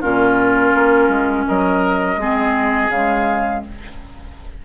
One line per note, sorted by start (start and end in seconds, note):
0.00 0.75 A#2
0.00 2.19 C#4
0.00 1.45 F4
0.00 1.47 A#4
0.75 1.08 A#3
1.08 1.45 G#3
1.47 2.17 F#3
1.47 2.20 A#4
1.47 2.91 D#5
2.17 2.89 G#3
2.17 2.92 C4
2.17 3.65 G#4
2.90 3.62 C#3
2.90 3.65 G#3
2.90 3.63 F5